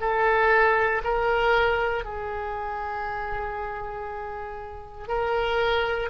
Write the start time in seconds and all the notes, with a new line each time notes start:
0.00 A4
1.04 A#4
2.04 G#4
5.08 A#4